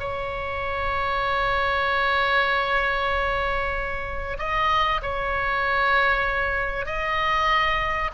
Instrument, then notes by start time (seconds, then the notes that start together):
oboe
0.00 C#5
4.39 D#5
5.02 C#5
6.86 D#5